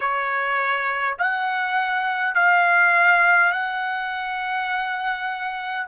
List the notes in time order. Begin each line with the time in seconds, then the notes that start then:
0.00 C#5
1.18 F#5
2.35 F5
3.52 F#5